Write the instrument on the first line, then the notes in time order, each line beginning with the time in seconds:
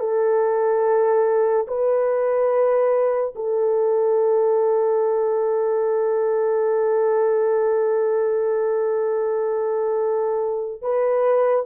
horn
0.00 A4
1.67 B4
3.36 A4
10.82 B4